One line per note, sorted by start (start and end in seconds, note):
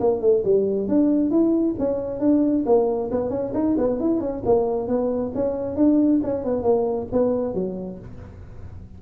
0.00 0.21 A#3
0.21 0.43 A3
0.44 0.88 G3
0.88 1.30 D4
1.30 1.75 E4
1.78 2.20 C#4
2.20 2.64 D4
2.65 3.10 A#3
3.11 3.29 B3
3.29 3.52 C#4
3.54 3.76 D#4
3.77 4.00 B3
4.00 4.20 E4
4.20 4.42 C#4
4.45 4.88 A#3
4.88 5.32 B3
5.34 5.76 C#4
5.76 6.20 D4
6.23 6.44 C#4
6.44 6.62 B3
6.62 7.07 A#3
7.12 7.54 B3
7.54 7.98 F#3